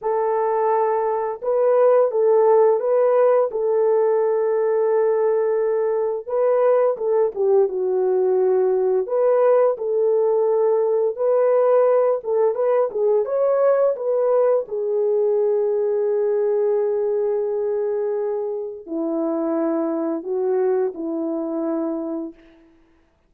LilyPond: \new Staff \with { instrumentName = "horn" } { \time 4/4 \tempo 4 = 86 a'2 b'4 a'4 | b'4 a'2.~ | a'4 b'4 a'8 g'8 fis'4~ | fis'4 b'4 a'2 |
b'4. a'8 b'8 gis'8 cis''4 | b'4 gis'2.~ | gis'2. e'4~ | e'4 fis'4 e'2 | }